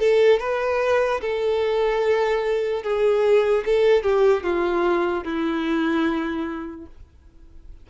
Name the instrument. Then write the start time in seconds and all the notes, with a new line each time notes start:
violin
0.00 A4
0.40 B4
1.22 A4
2.83 G#4
3.66 A4
4.03 G4
4.44 F4
5.24 E4